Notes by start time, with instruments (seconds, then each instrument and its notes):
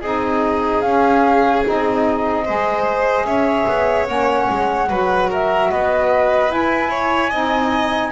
0.00 double bass C4, saxophone D#4, violin G#4, flute D#5
0.81 double bass C#4, saxophone C#4, flute F5
1.64 double bass C4, saxophone D#4, flute D#5
2.45 double bass G#3, saxophone G#4, violin C5
3.24 double bass C#4, violin C#5, flute E5
3.67 double bass B3
4.06 double bass A#3, saxophone C#4, flute F#5
4.49 double bass G#3
4.89 double bass F#3, saxophone F#4, violin B4
5.30 violin A#4, flute E5
5.71 double bass B3, violin B4, flute D#5
6.47 saxophone E4, double bass E4, flute G#5
6.90 violin C#5
7.30 double bass C4, saxophone D#4, violin D#5